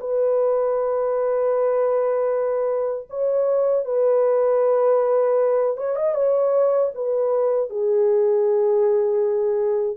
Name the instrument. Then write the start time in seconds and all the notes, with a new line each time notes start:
horn
0.00 B4
3.10 C#5
3.85 B4
5.77 C#5
5.96 D#5
6.15 C#5
6.95 B4
7.70 G#4